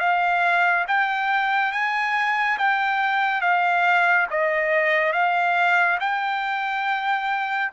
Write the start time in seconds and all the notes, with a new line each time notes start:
0.00 F5
0.88 G5
1.72 G#5
2.58 G5
3.42 F5
4.31 D#5
5.13 F5
6.00 G5